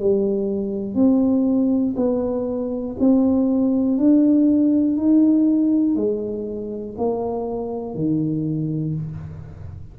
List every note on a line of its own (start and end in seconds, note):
0.00 0.95 G3
0.95 1.95 C4
1.97 2.97 B3
3.00 3.98 C4
3.98 4.97 D4
4.97 5.95 D#4
5.95 6.95 G#3
6.98 7.95 A#3
7.95 8.95 D#3